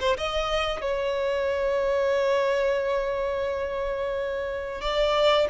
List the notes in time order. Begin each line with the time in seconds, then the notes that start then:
0.00 C5
0.17 D#5
0.81 C#5
4.81 D5